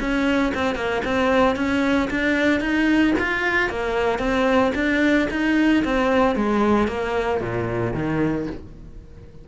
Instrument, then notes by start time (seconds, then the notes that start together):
cello
0.00 C#4
0.55 C4
0.75 A#3
1.05 C4
1.56 C#4
2.10 D4
2.61 D#4
3.19 F4
3.70 A#3
4.19 C4
4.75 D4
5.31 D#4
5.85 C4
6.36 G#3
6.88 A#3
7.41 A#2
7.94 D#3